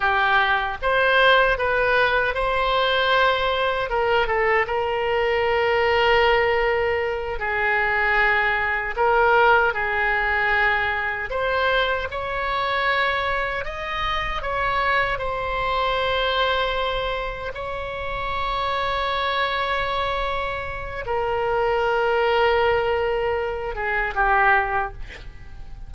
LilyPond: \new Staff \with { instrumentName = "oboe" } { \time 4/4 \tempo 4 = 77 g'4 c''4 b'4 c''4~ | c''4 ais'8 a'8 ais'2~ | ais'4. gis'2 ais'8~ | ais'8 gis'2 c''4 cis''8~ |
cis''4. dis''4 cis''4 c''8~ | c''2~ c''8 cis''4.~ | cis''2. ais'4~ | ais'2~ ais'8 gis'8 g'4 | }